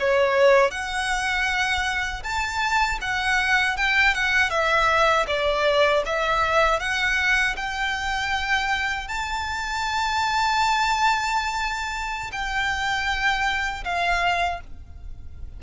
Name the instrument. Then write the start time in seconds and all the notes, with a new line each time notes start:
violin
0.00 C#5
0.71 F#5
2.23 A5
3.02 F#5
3.77 G5
4.15 F#5
4.51 E5
5.28 D5
6.06 E5
6.80 F#5
7.57 G5
9.09 A5
12.33 G5
13.85 F5